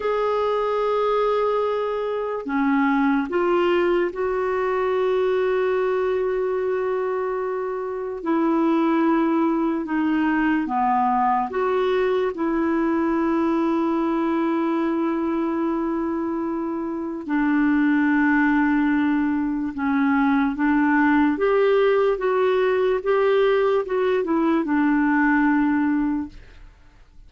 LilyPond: \new Staff \with { instrumentName = "clarinet" } { \time 4/4 \tempo 4 = 73 gis'2. cis'4 | f'4 fis'2.~ | fis'2 e'2 | dis'4 b4 fis'4 e'4~ |
e'1~ | e'4 d'2. | cis'4 d'4 g'4 fis'4 | g'4 fis'8 e'8 d'2 | }